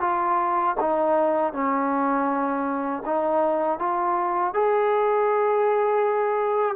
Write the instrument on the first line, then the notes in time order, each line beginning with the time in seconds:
trombone
0.00 F4
0.80 D#4
1.52 C#4
3.05 D#4
3.79 F4
4.53 G#4